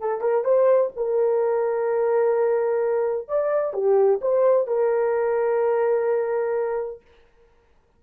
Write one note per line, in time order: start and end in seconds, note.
0.00 0.21 A4
0.21 0.44 A#4
0.44 0.91 C5
0.96 3.28 A#4
3.28 3.73 D5
3.73 4.20 G4
4.21 4.67 C5
4.67 7.01 A#4